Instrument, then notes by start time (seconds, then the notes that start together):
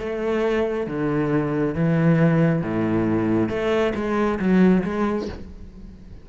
cello
0.00 A3
0.87 D3
1.75 E3
2.62 A2
3.49 A3
3.95 G#3
4.40 F#3
4.84 G#3